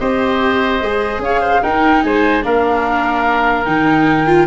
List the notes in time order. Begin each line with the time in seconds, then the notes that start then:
0.00 C4 G4 C5 D#5
0.81 G#3 G#4
1.19 C#4 C#5 F5
1.41 C5
1.63 D#4 A#4 G5
2.03 G#3 C5 G#5
2.43 A#3 D4 A#4 F5
3.65 D#3 D#4 G5
4.27 F4